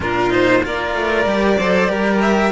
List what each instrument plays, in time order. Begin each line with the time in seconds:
0.00 cello A#2 D4, violin F4 A#4
0.29 cello D#4, violin C5
0.63 cello A#3 F4, violin A#4 D5
0.94 cello A3
1.25 cello G3 G4
1.57 cello F#3 A4, violin C5
1.88 cello G3 G4, violin A#4
2.20 violin E5